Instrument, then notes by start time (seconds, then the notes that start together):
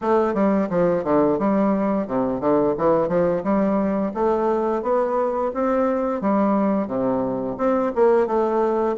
bassoon
0.01 A3
0.34 G3
0.69 F3
1.04 D3
1.38 G3
2.07 C3
2.40 D3
2.77 E3
3.08 F3
3.43 G3
4.14 A3
4.82 B3
5.53 C4
6.21 G3
6.87 C3
7.57 C4
7.95 A#3
8.26 A3